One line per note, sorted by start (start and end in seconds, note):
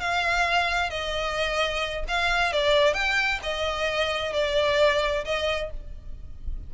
0.00 0.90 F5
0.90 2.05 D#5
2.08 2.53 F5
2.53 2.94 D5
2.94 3.40 G5
3.43 4.33 D#5
4.33 5.25 D5
5.25 5.71 D#5